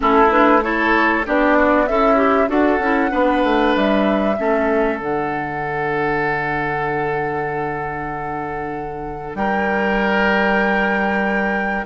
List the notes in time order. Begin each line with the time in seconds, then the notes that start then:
0.00 A3 C#4 E4 A4
0.30 D4 B4
0.62 E4 A4 C#5
1.25 B3 D4 G4 D5
1.57 F#4
1.86 C#4 E4 A4 E5
2.16 G4
2.48 D4 F#4 A4 F#5
2.78 C#4 E4
3.10 B3 D4 B4
3.43 A3
3.75 G3 E5
4.38 A3 C#4 A4
4.98 D3 D4 F#5
9.34 G3 A#4 G5